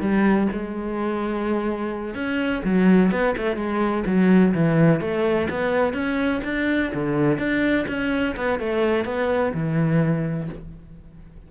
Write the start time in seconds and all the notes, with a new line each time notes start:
0.00 G3
0.52 G#3
2.15 C#4
2.64 F#3
3.11 B3
3.37 A3
3.56 G#3
4.06 F#3
4.54 E3
5.00 A3
5.50 B3
5.93 C#4
6.44 D4
6.94 D3
7.38 D4
7.88 C#4
8.36 B3
8.59 A3
9.05 B3
9.54 E3